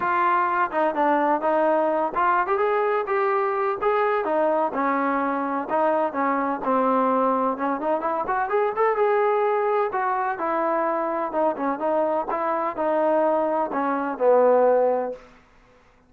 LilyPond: \new Staff \with { instrumentName = "trombone" } { \time 4/4 \tempo 4 = 127 f'4. dis'8 d'4 dis'4~ | dis'8 f'8. g'16 gis'4 g'4. | gis'4 dis'4 cis'2 | dis'4 cis'4 c'2 |
cis'8 dis'8 e'8 fis'8 gis'8 a'8 gis'4~ | gis'4 fis'4 e'2 | dis'8 cis'8 dis'4 e'4 dis'4~ | dis'4 cis'4 b2 | }